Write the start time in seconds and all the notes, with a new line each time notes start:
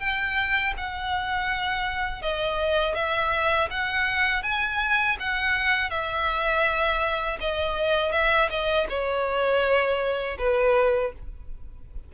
0.00 G5
0.77 F#5
2.23 D#5
2.95 E5
3.71 F#5
4.43 G#5
5.20 F#5
5.91 E5
7.41 D#5
8.12 E5
8.50 D#5
8.90 C#5
10.39 B4